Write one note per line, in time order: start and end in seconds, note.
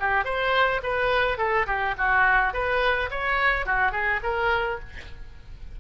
0.00 0.24 G4
0.24 0.81 C5
0.83 1.38 B4
1.38 1.66 A4
1.66 1.95 G4
1.98 2.53 F#4
2.53 3.10 B4
3.11 3.66 C#5
3.66 3.92 F#4
3.92 4.20 G#4
4.23 4.80 A#4